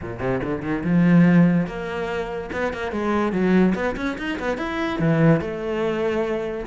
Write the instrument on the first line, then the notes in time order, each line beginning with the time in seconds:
cello
0.01 A#2
0.19 C3
0.43 D3
0.62 D#3
0.84 F3
1.66 A#3
2.52 B3
2.73 A#3
2.91 G#3
3.32 F#3
3.74 B3
3.96 C#4
4.18 D#4
4.39 B3
4.57 E4
4.99 E3
5.41 A3